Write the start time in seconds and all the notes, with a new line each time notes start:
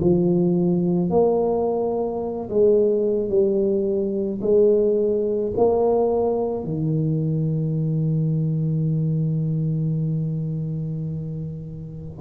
0.00 F3
1.10 A#3
2.49 G#3
3.29 G3
4.41 G#3
5.57 A#3
6.64 D#3